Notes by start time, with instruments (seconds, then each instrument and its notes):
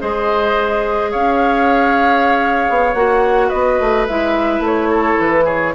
0.00 bassoon G#3, clarinet G#4, oboe C5, flute D#5
1.11 bassoon C#4, oboe C#5, flute F5
2.70 bassoon B3
2.94 bassoon A#3, clarinet F#4, flute F#5
3.49 bassoon B3, oboe B4, flute D#5
3.80 bassoon A3
4.07 bassoon G#3, clarinet E4, flute E5
4.60 bassoon A3, flute C#5
4.91 oboe A4
5.20 bassoon E3, flute B4
5.45 oboe G#4, flute C#5